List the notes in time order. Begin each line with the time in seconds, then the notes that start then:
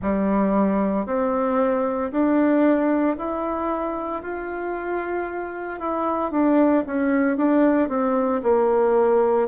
0.02 G3
1.05 C4
2.11 D4
3.17 E4
4.22 F4
5.79 E4
6.31 D4
6.86 C#4
7.37 D4
7.89 C4
8.43 A#3